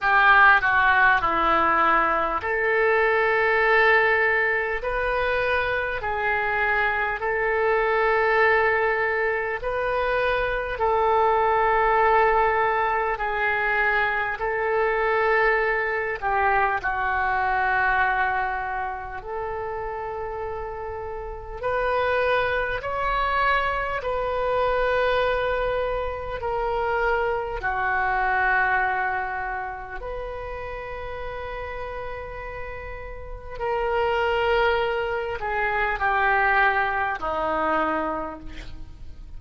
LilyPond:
\new Staff \with { instrumentName = "oboe" } { \time 4/4 \tempo 4 = 50 g'8 fis'8 e'4 a'2 | b'4 gis'4 a'2 | b'4 a'2 gis'4 | a'4. g'8 fis'2 |
a'2 b'4 cis''4 | b'2 ais'4 fis'4~ | fis'4 b'2. | ais'4. gis'8 g'4 dis'4 | }